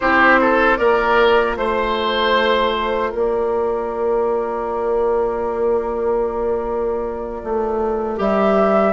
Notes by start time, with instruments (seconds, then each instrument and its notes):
0.00 bassoon C4, clarinet E4, oboe G4, flute C5
0.41 oboe A4
0.76 bassoon A#3, clarinet F4, oboe A#4, flute D5
1.56 bassoon A3, flute C5, oboe C5
3.09 bassoon A#3, oboe A#4, flute D5
7.43 bassoon A3
8.16 bassoon G3, clarinet G4, flute E5